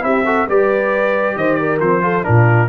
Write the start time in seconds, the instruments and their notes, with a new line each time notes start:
0.00 tuba C4, trombone E4, horn G4, trumpet E5
0.25 trombone F#4, horn A4
0.48 tuba G3, trombone G4, horn B4, trumpet D5
1.36 tuba D#3, horn C5, trumpet D#5
1.55 horn A#4, trumpet D5
1.80 tuba F3, trombone C4, trumpet C5
2.01 trombone F4, horn A4
2.23 tuba A#2, trombone D4, horn F4, trumpet A#4